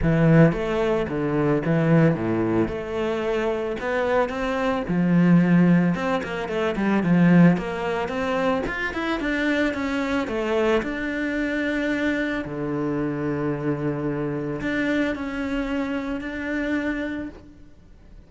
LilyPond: \new Staff \with { instrumentName = "cello" } { \time 4/4 \tempo 4 = 111 e4 a4 d4 e4 | a,4 a2 b4 | c'4 f2 c'8 ais8 | a8 g8 f4 ais4 c'4 |
f'8 e'8 d'4 cis'4 a4 | d'2. d4~ | d2. d'4 | cis'2 d'2 | }